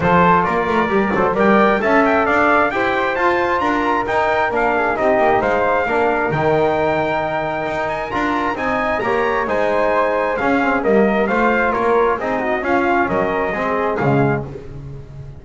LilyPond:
<<
  \new Staff \with { instrumentName = "trumpet" } { \time 4/4 \tempo 4 = 133 c''4 d''2 g''4 | a''8 g''8 f''4 g''4 a''4 | ais''4 g''4 f''4 dis''4 | f''2 g''2~ |
g''4. gis''8 ais''4 gis''4 | ais''4 gis''2 f''4 | dis''4 f''4 cis''4 dis''4 | f''4 dis''2 f''4 | }
  \new Staff \with { instrumentName = "flute" } { \time 4/4 a'4 ais'4. c''8 d''4 | e''4 d''4 c''2 | ais'2~ ais'8 gis'8 g'4 | c''4 ais'2.~ |
ais'2. dis''4 | cis''4 c''2 gis'4 | ais'4 c''4 ais'4 gis'8 fis'8 | f'4 ais'4 gis'2 | }
  \new Staff \with { instrumentName = "trombone" } { \time 4/4 f'2 g'8 a'8 ais'4 | a'2 g'4 f'4~ | f'4 dis'4 d'4 dis'4~ | dis'4 d'4 dis'2~ |
dis'2 f'4 dis'4 | g'4 dis'2 cis'8 c'8 | ais4 f'2 dis'4 | cis'2 c'4 gis4 | }
  \new Staff \with { instrumentName = "double bass" } { \time 4/4 f4 ais8 a8 g8 fis8 g4 | cis'4 d'4 e'4 f'4 | d'4 dis'4 ais4 c'8 ais8 | gis4 ais4 dis2~ |
dis4 dis'4 d'4 c'4 | ais4 gis2 cis'4 | g4 a4 ais4 c'4 | cis'4 fis4 gis4 cis4 | }
>>